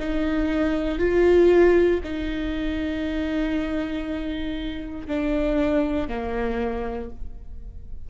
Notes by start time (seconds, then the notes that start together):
0.00 D#4
0.99 F4
2.04 D#4
5.08 D4
6.08 A#3